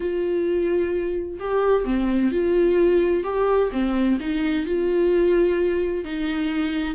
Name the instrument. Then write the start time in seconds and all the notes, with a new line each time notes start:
viola
0.00 F4
1.39 G4
1.85 C4
2.31 F4
3.23 G4
3.72 C4
4.20 D#4
4.65 F4
6.04 D#4